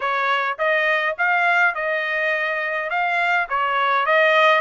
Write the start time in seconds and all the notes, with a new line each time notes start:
0.00 C#5
0.58 D#5
1.17 F5
1.74 D#5
2.90 F5
3.49 C#5
4.05 D#5